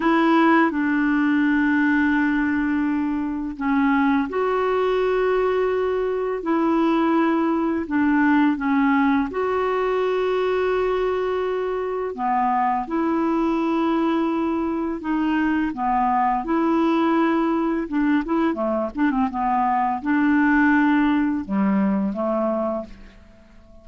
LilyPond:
\new Staff \with { instrumentName = "clarinet" } { \time 4/4 \tempo 4 = 84 e'4 d'2.~ | d'4 cis'4 fis'2~ | fis'4 e'2 d'4 | cis'4 fis'2.~ |
fis'4 b4 e'2~ | e'4 dis'4 b4 e'4~ | e'4 d'8 e'8 a8 d'16 c'16 b4 | d'2 g4 a4 | }